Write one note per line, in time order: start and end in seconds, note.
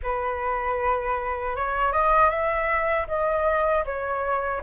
0.02 1.56 B4
1.56 1.92 C#5
1.92 2.29 D#5
2.29 3.06 E5
3.07 3.84 D#5
3.85 4.62 C#5